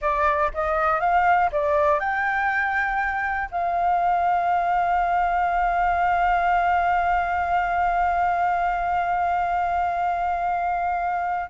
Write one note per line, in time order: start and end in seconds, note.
0.01 0.51 D5
0.54 1.00 D#5
1.00 1.50 F5
1.51 1.99 D5
1.99 3.49 G5
3.51 11.50 F5